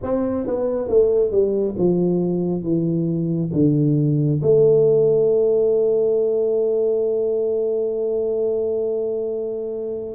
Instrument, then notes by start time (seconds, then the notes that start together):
tuba
0.02 C4
0.47 B3
0.88 A3
1.31 G3
1.78 F3
2.62 E3
3.53 D3
4.42 A3